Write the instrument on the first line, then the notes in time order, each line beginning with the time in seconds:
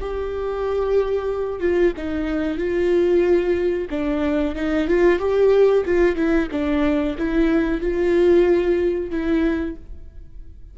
viola
0.00 G4
1.60 F4
1.97 D#4
2.58 F4
3.90 D4
4.55 D#4
4.88 F4
5.19 G4
5.85 F4
6.16 E4
6.51 D4
7.18 E4
7.81 F4
9.10 E4